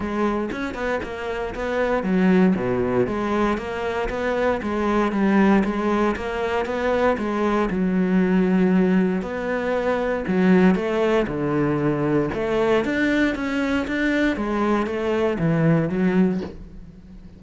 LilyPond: \new Staff \with { instrumentName = "cello" } { \time 4/4 \tempo 4 = 117 gis4 cis'8 b8 ais4 b4 | fis4 b,4 gis4 ais4 | b4 gis4 g4 gis4 | ais4 b4 gis4 fis4~ |
fis2 b2 | fis4 a4 d2 | a4 d'4 cis'4 d'4 | gis4 a4 e4 fis4 | }